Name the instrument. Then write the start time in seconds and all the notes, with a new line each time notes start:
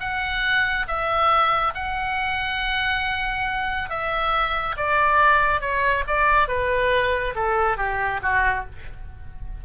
oboe
0.00 F#5
0.88 E5
1.75 F#5
3.89 E5
4.77 D5
5.61 C#5
6.07 D5
6.48 B4
7.35 A4
7.77 G4
8.22 F#4